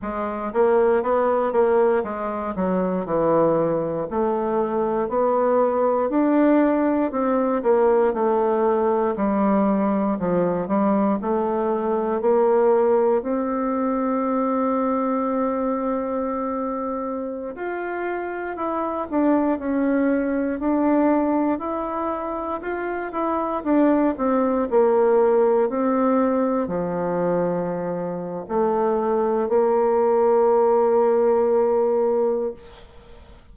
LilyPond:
\new Staff \with { instrumentName = "bassoon" } { \time 4/4 \tempo 4 = 59 gis8 ais8 b8 ais8 gis8 fis8 e4 | a4 b4 d'4 c'8 ais8 | a4 g4 f8 g8 a4 | ais4 c'2.~ |
c'4~ c'16 f'4 e'8 d'8 cis'8.~ | cis'16 d'4 e'4 f'8 e'8 d'8 c'16~ | c'16 ais4 c'4 f4.~ f16 | a4 ais2. | }